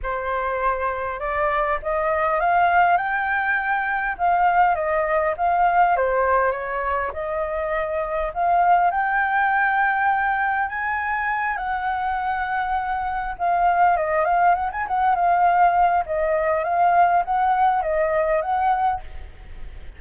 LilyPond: \new Staff \with { instrumentName = "flute" } { \time 4/4 \tempo 4 = 101 c''2 d''4 dis''4 | f''4 g''2 f''4 | dis''4 f''4 c''4 cis''4 | dis''2 f''4 g''4~ |
g''2 gis''4. fis''8~ | fis''2~ fis''8 f''4 dis''8 | f''8 fis''16 gis''16 fis''8 f''4. dis''4 | f''4 fis''4 dis''4 fis''4 | }